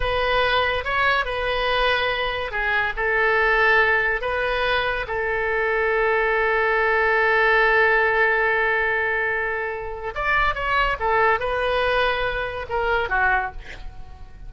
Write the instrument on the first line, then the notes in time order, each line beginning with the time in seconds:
oboe
0.00 B4
0.84 C#5
1.25 B4
2.51 G#4
2.96 A4
4.21 B4
5.07 A4
10.14 D5
10.54 C#5
10.99 A4
11.39 B4
12.69 A#4
13.09 F#4